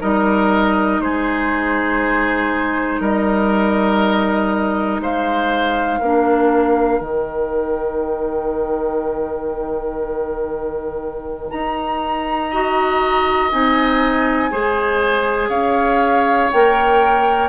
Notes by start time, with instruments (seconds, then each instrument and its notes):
0.00 bassoon G3, clarinet D#4, oboe A#4, flute D#5
1.00 bassoon G#3, oboe G#4, flute C5
3.00 bassoon G3, oboe A#4, flute D#5
5.00 bassoon G#3, oboe C5, flute F5
6.00 bassoon A#3, clarinet D4, oboe A#4
7.00 bassoon D#3, clarinet D#4, flute G5
11.51 bassoon D#4, flute A#5
12.51 clarinet F#4, oboe D#5
13.51 bassoon C4, clarinet D#4, flute G#5
14.51 bassoon G#3, clarinet G#4, oboe C5
15.49 bassoon C#4, oboe C#5, flute F5
16.51 bassoon A#3, clarinet A#4, flute G5